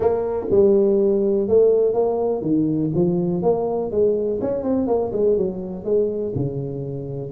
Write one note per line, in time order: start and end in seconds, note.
0.00 0.46 A#3
0.50 1.47 G3
1.48 1.93 A3
1.93 2.41 A#3
2.41 2.90 D#3
2.94 3.42 F3
3.42 3.91 A#3
3.91 4.40 G#3
4.41 4.63 C#4
4.63 4.87 C4
4.87 5.11 A#3
5.12 5.37 G#3
5.37 5.84 F#3
5.84 6.33 G#3
6.35 7.31 C#3